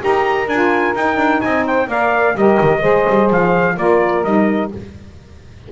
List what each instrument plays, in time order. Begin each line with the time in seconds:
0.00 double bass D#4, saxophone G4 A#4, trumpet A#5
0.47 double bass D4, saxophone F4, trumpet G#5
0.95 double bass D#4, saxophone D#4, trumpet G5
1.17 double bass D4
1.41 double bass C4, saxophone D#5, trumpet G#5
1.64 saxophone C5, trumpet G5
1.87 double bass A#3, saxophone A#4 D5, trumpet F5
2.35 double bass G3, saxophone G4 A#4, trumpet D#5
2.61 double bass D#3
2.81 double bass G#3, saxophone G#4 C5
3.09 double bass G3
3.30 double bass F3, trumpet F5
3.77 double bass A#3, saxophone F4 A#4, trumpet D5
4.24 double bass G3, saxophone D#4, trumpet D#5